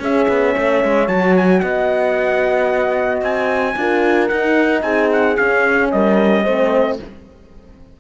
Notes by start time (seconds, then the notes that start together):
0.00 C#4 G#4 E5
0.29 B3
0.55 A3 C#5
0.85 G#3
1.07 F#3 F#4 A5
1.37 G#5
1.61 B3 D#5 F#5
3.22 C4 G#5
3.77 D4 F4 A#4
4.28 D#4 F#5
4.83 C4 G#4 G#5
5.13 F#5
5.37 C#4 F5
5.92 G3 A#4 D#5
6.44 A3 C4 C5